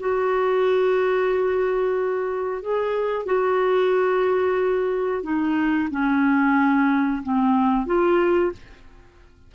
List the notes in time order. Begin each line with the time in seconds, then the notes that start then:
0.00 F#4
2.63 G#4
3.26 F#4
5.23 D#4
5.91 C#4
7.23 C4
7.86 F4